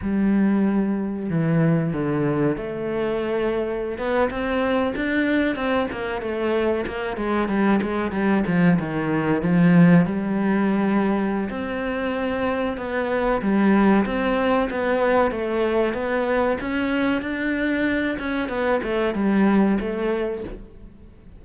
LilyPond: \new Staff \with { instrumentName = "cello" } { \time 4/4 \tempo 4 = 94 g2 e4 d4 | a2~ a16 b8 c'4 d'16~ | d'8. c'8 ais8 a4 ais8 gis8 g16~ | g16 gis8 g8 f8 dis4 f4 g16~ |
g2 c'2 | b4 g4 c'4 b4 | a4 b4 cis'4 d'4~ | d'8 cis'8 b8 a8 g4 a4 | }